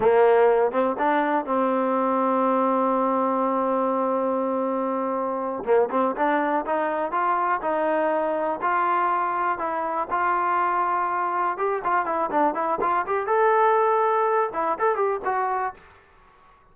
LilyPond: \new Staff \with { instrumentName = "trombone" } { \time 4/4 \tempo 4 = 122 ais4. c'8 d'4 c'4~ | c'1~ | c'2.~ c'8 ais8 | c'8 d'4 dis'4 f'4 dis'8~ |
dis'4. f'2 e'8~ | e'8 f'2. g'8 | f'8 e'8 d'8 e'8 f'8 g'8 a'4~ | a'4. e'8 a'8 g'8 fis'4 | }